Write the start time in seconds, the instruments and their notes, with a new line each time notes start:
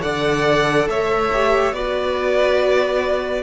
0.00 cello D3, viola A4, violin D5 F#5
0.87 cello A3, violin C#5 E5
1.33 viola G4
1.72 cello B3, viola F#4, violin B4 D5